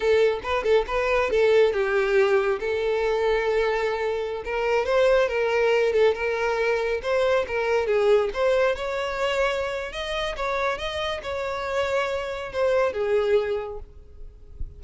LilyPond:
\new Staff \with { instrumentName = "violin" } { \time 4/4 \tempo 4 = 139 a'4 b'8 a'8 b'4 a'4 | g'2 a'2~ | a'2~ a'16 ais'4 c''8.~ | c''16 ais'4. a'8 ais'4.~ ais'16~ |
ais'16 c''4 ais'4 gis'4 c''8.~ | c''16 cis''2~ cis''8. dis''4 | cis''4 dis''4 cis''2~ | cis''4 c''4 gis'2 | }